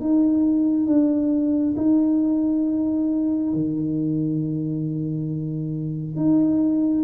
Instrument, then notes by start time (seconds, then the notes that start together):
tuba
0.00 D#4
0.87 D4
1.77 D#4
3.53 D#3
6.16 D#4